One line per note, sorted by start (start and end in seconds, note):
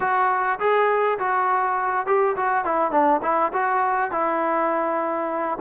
0.00 0.59 F#4
0.59 1.18 G#4
1.18 2.06 F#4
2.06 2.35 G4
2.36 2.64 F#4
2.64 2.91 E4
2.91 3.20 D4
3.22 3.52 E4
3.52 4.11 F#4
4.11 5.58 E4